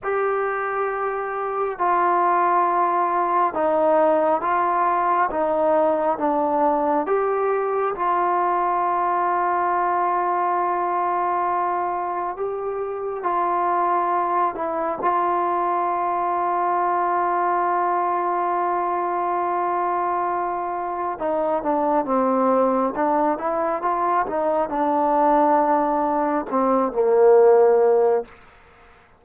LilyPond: \new Staff \with { instrumentName = "trombone" } { \time 4/4 \tempo 4 = 68 g'2 f'2 | dis'4 f'4 dis'4 d'4 | g'4 f'2.~ | f'2 g'4 f'4~ |
f'8 e'8 f'2.~ | f'1 | dis'8 d'8 c'4 d'8 e'8 f'8 dis'8 | d'2 c'8 ais4. | }